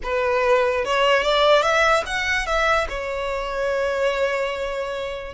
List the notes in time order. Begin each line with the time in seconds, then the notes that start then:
0.03 B4
0.84 C#5
1.22 D5
1.62 E5
2.06 F#5
2.46 E5
2.89 C#5